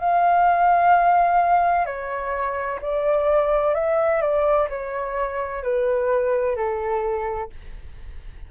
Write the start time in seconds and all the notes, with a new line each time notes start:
0.00 F5
1.86 C#5
2.81 D5
3.75 E5
4.21 D5
4.70 C#5
5.63 B4
6.56 A4